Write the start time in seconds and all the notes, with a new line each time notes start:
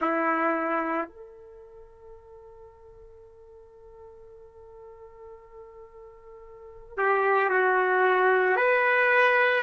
0.01 E4
1.08 A4
6.96 G4
7.49 F#4
8.56 B4